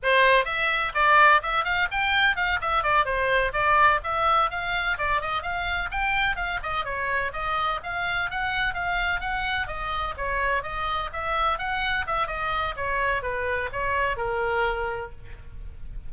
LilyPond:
\new Staff \with { instrumentName = "oboe" } { \time 4/4 \tempo 4 = 127 c''4 e''4 d''4 e''8 f''8 | g''4 f''8 e''8 d''8 c''4 d''8~ | d''8 e''4 f''4 d''8 dis''8 f''8~ | f''8 g''4 f''8 dis''8 cis''4 dis''8~ |
dis''8 f''4 fis''4 f''4 fis''8~ | fis''8 dis''4 cis''4 dis''4 e''8~ | e''8 fis''4 e''8 dis''4 cis''4 | b'4 cis''4 ais'2 | }